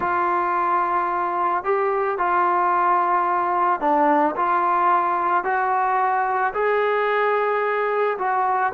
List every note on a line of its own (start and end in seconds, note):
0.00 1.64 F4
1.64 2.17 G4
2.17 3.80 F4
3.80 4.35 D4
4.35 5.44 F4
5.44 6.53 F#4
6.54 8.17 G#4
8.18 8.72 F#4